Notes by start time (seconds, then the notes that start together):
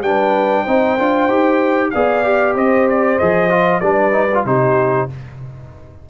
0.00 G3 D4 B4 G5
0.63 C4 D#4 C5
0.98 D4 F4
1.28 D#4 G4
1.90 B3 G#4 D5 F5
2.24 G4
2.55 C4 C5 D#5
2.89 D5
3.18 F3 G#4 D#5
3.50 F4
3.80 G3 D4 B4 D5
4.11 D#4
4.34 F4
4.45 C3 D#4 G4 C5